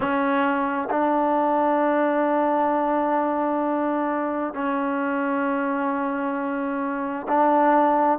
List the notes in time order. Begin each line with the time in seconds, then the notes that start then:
0.00 C#4
0.90 D4
4.54 C#4
7.27 D4